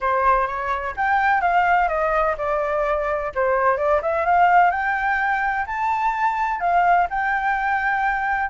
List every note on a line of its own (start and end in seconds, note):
0.00 0.47 C5
0.47 0.94 C#5
0.96 1.41 G5
1.41 1.88 F5
1.88 2.35 D#5
2.37 3.32 D5
3.34 3.77 C5
3.77 4.01 D5
4.02 4.25 E5
4.25 4.71 F5
4.71 5.65 G5
5.66 6.59 A5
6.59 7.07 F5
7.10 8.49 G5